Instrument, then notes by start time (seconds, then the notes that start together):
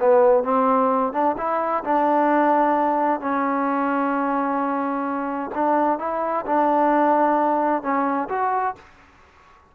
trombone
0.00 B3
0.44 C4
1.13 D4
1.38 E4
1.84 D4
3.21 C#4
5.55 D4
5.99 E4
6.46 D4
7.83 C#4
8.29 F#4